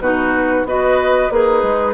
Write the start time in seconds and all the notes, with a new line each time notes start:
0.00 B2 D#4 F#4 B4
0.65 B3 F#4 B4 D#5
1.31 A#3 D#4 G#4 B4
1.63 G#3